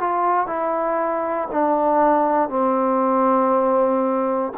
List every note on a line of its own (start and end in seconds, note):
0.00 0.47 F4
0.47 1.48 E4
1.52 2.49 D4
2.49 4.53 C4